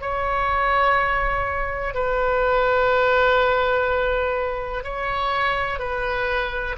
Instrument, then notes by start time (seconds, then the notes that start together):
oboe
0.00 C#5
1.94 B4
4.83 C#5
5.78 B4